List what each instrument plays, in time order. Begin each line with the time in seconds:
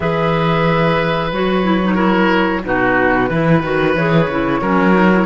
0.00 cello E3, clarinet G#4, oboe B4, flute E5
1.32 cello F#3, clarinet F#4, flute C#5
1.63 clarinet E4
1.83 clarinet D#4
1.94 clarinet E4, oboe A#4
2.64 cello B2, clarinet D#4, oboe F#4, flute B4
3.29 cello E3, clarinet E4, oboe B4
3.62 cello D#3, clarinet F#4
3.94 cello E3, clarinet G#4, flute C#5
4.28 cello C#3, clarinet E4
4.61 cello F#3, clarinet C#4, oboe A#4
4.93 clarinet D#4
5.12 clarinet E4